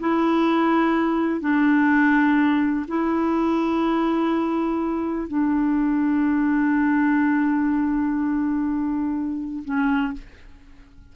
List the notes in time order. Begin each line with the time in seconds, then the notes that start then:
0.00 E4
1.41 D4
2.88 E4
5.28 D4
9.65 C#4